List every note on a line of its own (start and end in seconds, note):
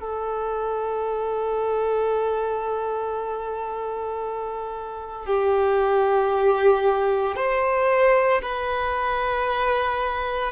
0.00 5.26 A4
5.26 7.36 G4
7.36 8.41 C5
8.42 10.52 B4